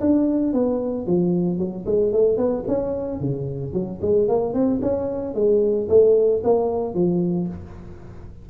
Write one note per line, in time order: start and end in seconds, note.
0.00 0.53 D4
0.53 1.06 B3
1.06 1.58 F3
1.58 1.85 F#3
1.86 2.12 G#3
2.12 2.37 A3
2.37 2.63 B3
2.67 3.19 C#4
3.19 3.73 C#3
3.73 4.00 F#3
4.01 4.27 G#3
4.27 4.53 A#3
4.53 4.80 C4
4.81 5.34 C#4
5.34 5.88 G#3
5.88 6.42 A3
6.43 6.94 A#3
6.94 7.47 F3